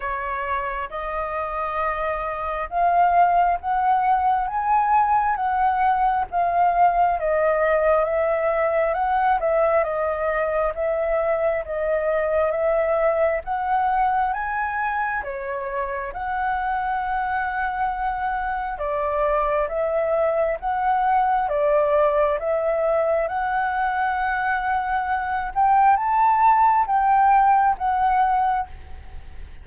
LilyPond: \new Staff \with { instrumentName = "flute" } { \time 4/4 \tempo 4 = 67 cis''4 dis''2 f''4 | fis''4 gis''4 fis''4 f''4 | dis''4 e''4 fis''8 e''8 dis''4 | e''4 dis''4 e''4 fis''4 |
gis''4 cis''4 fis''2~ | fis''4 d''4 e''4 fis''4 | d''4 e''4 fis''2~ | fis''8 g''8 a''4 g''4 fis''4 | }